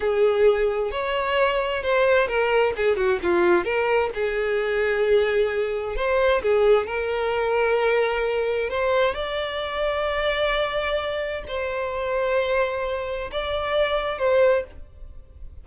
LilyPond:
\new Staff \with { instrumentName = "violin" } { \time 4/4 \tempo 4 = 131 gis'2 cis''2 | c''4 ais'4 gis'8 fis'8 f'4 | ais'4 gis'2.~ | gis'4 c''4 gis'4 ais'4~ |
ais'2. c''4 | d''1~ | d''4 c''2.~ | c''4 d''2 c''4 | }